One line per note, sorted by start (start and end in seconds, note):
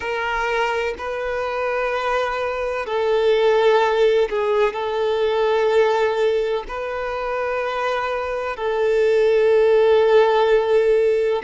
0.00 0.94 A#4
0.97 2.86 B4
2.86 4.29 A4
4.29 4.73 G#4
4.73 6.63 A4
6.68 8.56 B4
8.56 11.42 A4